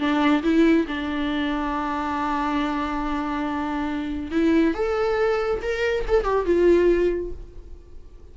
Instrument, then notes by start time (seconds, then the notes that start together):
viola
0.00 D4
0.43 E4
0.88 D4
4.32 E4
4.75 A4
5.63 A#4
6.08 A4
6.25 G4
6.46 F4